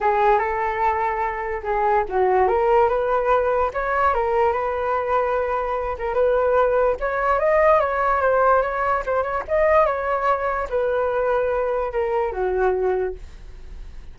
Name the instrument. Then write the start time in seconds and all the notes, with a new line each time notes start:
flute
0.00 G#4
0.38 A4
1.63 G#4
2.08 F#4
2.48 A#4
2.88 B4
3.73 C#5
4.14 A#4
4.52 B4
5.98 A#4
6.14 B4
7.00 C#5
7.39 D#5
7.80 C#5
8.21 C5
8.62 C#5
9.06 C5
9.22 C#5
9.48 D#5
9.85 C#5
10.69 B4
11.92 A#4
12.32 F#4